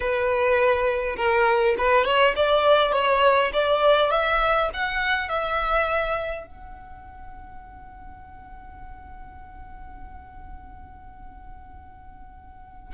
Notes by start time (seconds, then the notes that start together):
0.00 B4
1.16 A#4
1.78 B4
2.05 C#5
2.36 D5
2.92 C#5
3.53 D5
4.10 E5
4.73 F#5
5.29 E5
6.47 F#5